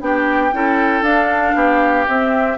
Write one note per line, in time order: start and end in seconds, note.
0.00 0.51 B3
0.00 0.51 D4
0.00 0.54 G4
0.00 1.03 G5
0.52 1.01 C#4
0.52 1.04 E4
0.52 1.55 A4
1.01 1.53 D4
1.01 2.06 D4
1.01 2.06 F5
1.54 2.06 B3
1.54 2.57 G4
2.07 2.57 C4
2.07 2.57 E5